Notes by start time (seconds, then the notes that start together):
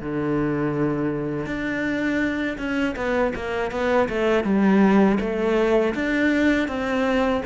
0.00 D3
1.46 D4
2.58 C#4
2.96 B3
3.35 A#3
3.71 B3
4.08 A3
4.44 G3
5.20 A3
5.95 D4
6.68 C4